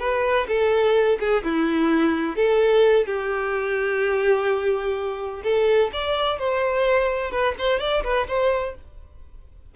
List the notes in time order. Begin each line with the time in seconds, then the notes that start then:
0.00 B4
0.48 A4
1.20 G#4
1.44 E4
2.37 A4
3.07 G4
5.44 A4
5.93 D5
6.39 C5
7.32 B4
7.59 C5
7.80 D5
8.04 B4
8.28 C5